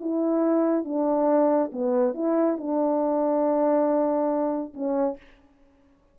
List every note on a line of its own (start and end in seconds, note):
0.00 0.84 E4
0.84 1.71 D4
1.72 2.14 B3
2.14 2.57 E4
2.57 4.73 D4
4.74 5.17 C#4